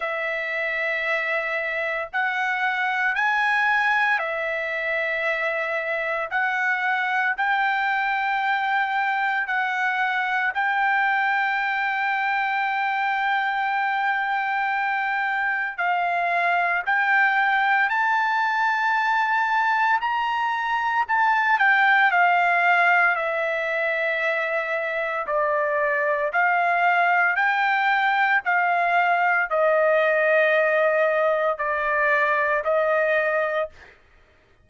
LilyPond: \new Staff \with { instrumentName = "trumpet" } { \time 4/4 \tempo 4 = 57 e''2 fis''4 gis''4 | e''2 fis''4 g''4~ | g''4 fis''4 g''2~ | g''2. f''4 |
g''4 a''2 ais''4 | a''8 g''8 f''4 e''2 | d''4 f''4 g''4 f''4 | dis''2 d''4 dis''4 | }